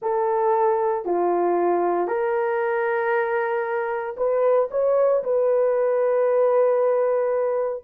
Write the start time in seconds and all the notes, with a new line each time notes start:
0.02 A4
1.05 F4
2.07 A#4
4.16 B4
4.71 C#5
5.23 B4